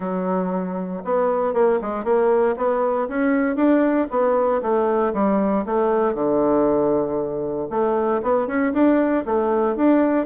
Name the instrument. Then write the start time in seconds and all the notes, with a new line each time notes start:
bassoon
0.00 F#3
1.04 B3
1.53 A#3
1.81 G#3
2.04 A#3
2.56 B3
3.08 C#4
3.55 D4
4.10 B3
4.62 A3
5.13 G3
5.65 A3
6.14 D3
7.70 A3
8.22 B3
8.47 C#4
8.73 D4
9.25 A3
9.76 D4